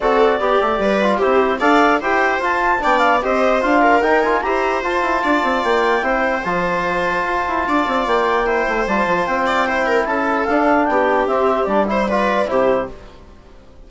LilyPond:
<<
  \new Staff \with { instrumentName = "clarinet" } { \time 4/4 \tempo 4 = 149 d''2. c''4 | f''4 g''4 a''4 g''8 f''8 | dis''4 f''4 g''8 gis''8 ais''4 | a''2 g''2 |
a''1 | g''2 a''4 g''4~ | g''4 a''4 f''4 g''4 | e''4 d''8 c''8 d''4 c''4 | }
  \new Staff \with { instrumentName = "viola" } { \time 4/4 a'4 g'4 b'4 g'4 | d''4 c''2 d''4 | c''4. ais'4. c''4~ | c''4 d''2 c''4~ |
c''2. d''4~ | d''4 c''2~ c''8 d''8 | c''8 ais'8 a'2 g'4~ | g'4. c''8 b'4 g'4 | }
  \new Staff \with { instrumentName = "trombone" } { \time 4/4 fis'4 g'4. f'8 e'4 | a'4 g'4 f'4 d'4 | g'4 f'4 dis'8 f'8 g'4 | f'2. e'4 |
f'1~ | f'4 e'4 f'2 | e'2 d'2 | c'4 d'8 e'8 f'4 e'4 | }
  \new Staff \with { instrumentName = "bassoon" } { \time 4/4 c'4 b8 a8 g4 c'4 | d'4 e'4 f'4 b4 | c'4 d'4 dis'4 e'4 | f'8 e'8 d'8 c'8 ais4 c'4 |
f2 f'8 e'8 d'8 c'8 | ais4. a8 g8 f8 c'4~ | c'4 cis'4 d'4 b4 | c'4 g2 c4 | }
>>